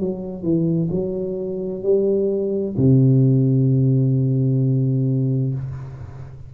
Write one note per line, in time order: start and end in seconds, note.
0.00 0.43 F#3
0.43 0.89 E3
0.91 1.83 F#3
1.83 2.76 G3
2.77 5.54 C3